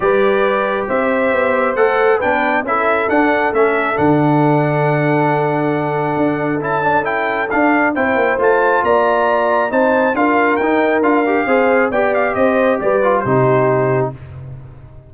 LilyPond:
<<
  \new Staff \with { instrumentName = "trumpet" } { \time 4/4 \tempo 4 = 136 d''2 e''2 | fis''4 g''4 e''4 fis''4 | e''4 fis''2.~ | fis''2. a''4 |
g''4 f''4 g''4 a''4 | ais''2 a''4 f''4 | g''4 f''2 g''8 f''8 | dis''4 d''4 c''2 | }
  \new Staff \with { instrumentName = "horn" } { \time 4/4 b'2 c''2~ | c''4 b'4 a'2~ | a'1~ | a'1~ |
a'2 c''2 | d''2 c''4 ais'4~ | ais'2 c''4 d''4 | c''4 b'4 g'2 | }
  \new Staff \with { instrumentName = "trombone" } { \time 4/4 g'1 | a'4 d'4 e'4 d'4 | cis'4 d'2.~ | d'2. e'8 d'8 |
e'4 d'4 e'4 f'4~ | f'2 dis'4 f'4 | dis'4 f'8 g'8 gis'4 g'4~ | g'4. f'8 dis'2 | }
  \new Staff \with { instrumentName = "tuba" } { \time 4/4 g2 c'4 b4 | a4 b4 cis'4 d'4 | a4 d2.~ | d2 d'4 cis'4~ |
cis'4 d'4 c'8 ais8 a4 | ais2 c'4 d'4 | dis'4 d'4 c'4 b4 | c'4 g4 c2 | }
>>